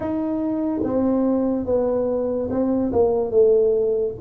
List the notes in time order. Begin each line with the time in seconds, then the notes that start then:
0.00 D#4
0.83 C4
1.65 B3
2.50 C4
2.92 A#3
3.30 A3